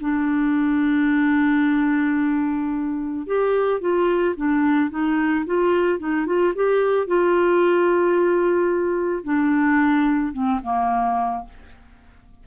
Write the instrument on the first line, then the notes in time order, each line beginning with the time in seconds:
clarinet
0.00 D4
3.27 G4
3.81 F4
4.36 D4
4.90 D#4
5.46 F4
5.99 D#4
6.26 F4
6.55 G4
7.07 F4
9.24 D4
10.33 C4
10.63 A#3